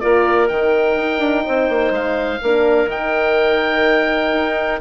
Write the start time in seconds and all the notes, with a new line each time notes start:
0.00 A#3 F4 A#4 D5
0.48 D#3 D#4 G5
0.96 D#4
1.18 D4
1.45 C4 C5
1.69 A#3
1.90 G#3 F5
2.41 A#3 D4 A#4
2.86 D#3 D#4 G5
4.33 D#4